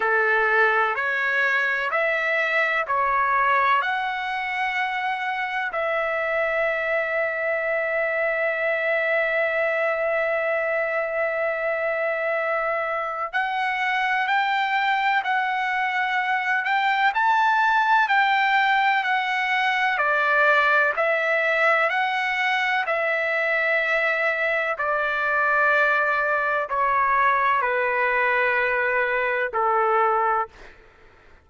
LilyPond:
\new Staff \with { instrumentName = "trumpet" } { \time 4/4 \tempo 4 = 63 a'4 cis''4 e''4 cis''4 | fis''2 e''2~ | e''1~ | e''2 fis''4 g''4 |
fis''4. g''8 a''4 g''4 | fis''4 d''4 e''4 fis''4 | e''2 d''2 | cis''4 b'2 a'4 | }